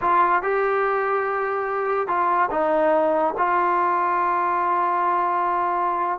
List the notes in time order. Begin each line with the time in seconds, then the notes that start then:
0.01 F4
0.42 G4
2.07 F4
2.50 D#4
3.37 F4